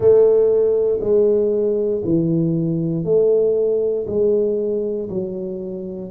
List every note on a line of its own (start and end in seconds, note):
0.00 0.99 A3
1.00 2.02 G#3
2.04 3.04 E3
3.04 4.06 A3
4.07 5.08 G#3
5.09 6.11 F#3